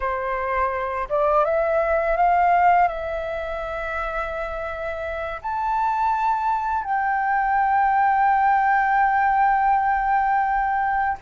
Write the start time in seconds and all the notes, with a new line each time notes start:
0.00 C5
1.09 D5
1.44 E5
2.16 F5
2.88 E5
5.42 A5
6.83 G5